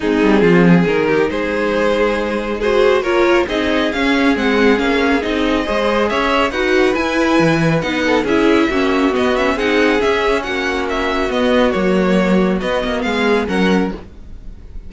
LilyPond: <<
  \new Staff \with { instrumentName = "violin" } { \time 4/4 \tempo 4 = 138 gis'2 ais'4 c''4~ | c''2 gis'4 cis''4 | dis''4 f''4 fis''4 f''4 | dis''2 e''4 fis''4 |
gis''2 fis''4 e''4~ | e''4 dis''8 e''8 fis''4 e''4 | fis''4 e''4 dis''4 cis''4~ | cis''4 dis''4 f''4 fis''4 | }
  \new Staff \with { instrumentName = "violin" } { \time 4/4 dis'4 f'8 gis'4 g'8 gis'4~ | gis'2 c''4 ais'4 | gis'1~ | gis'4 c''4 cis''4 b'4~ |
b'2~ b'8 a'8 gis'4 | fis'2 gis'2 | fis'1~ | fis'2 gis'4 ais'4 | }
  \new Staff \with { instrumentName = "viola" } { \time 4/4 c'2 dis'2~ | dis'2 fis'4 f'4 | dis'4 cis'4 c'4 cis'4 | dis'4 gis'2 fis'4 |
e'2 dis'4 e'4 | cis'4 b8 cis'8 dis'4 cis'4~ | cis'2 b4 ais4~ | ais4 b2 cis'4 | }
  \new Staff \with { instrumentName = "cello" } { \time 4/4 gis8 g8 f4 dis4 gis4~ | gis2. ais4 | c'4 cis'4 gis4 ais4 | c'4 gis4 cis'4 dis'4 |
e'4 e4 b4 cis'4 | ais4 b4 c'4 cis'4 | ais2 b4 fis4~ | fis4 b8 ais8 gis4 fis4 | }
>>